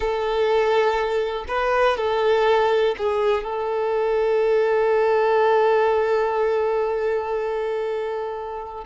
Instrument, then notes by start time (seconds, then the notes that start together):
violin
0.00 A4
1.48 B4
1.97 A4
2.97 G#4
3.43 A4